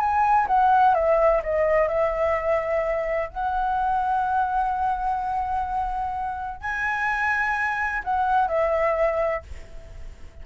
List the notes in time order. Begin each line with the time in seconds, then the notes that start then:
0.00 G#5
0.48 F#5
0.95 E5
1.43 D#5
1.89 E5
3.30 F#5
6.61 G#5
8.04 F#5
8.49 E5